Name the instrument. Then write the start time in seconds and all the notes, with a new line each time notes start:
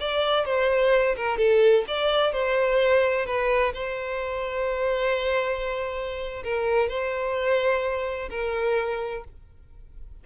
violin
0.00 D5
0.45 C5
1.17 A#4
1.38 A4
1.87 D5
2.32 C5
3.26 B4
3.74 C5
6.44 A#4
6.89 C5
8.30 A#4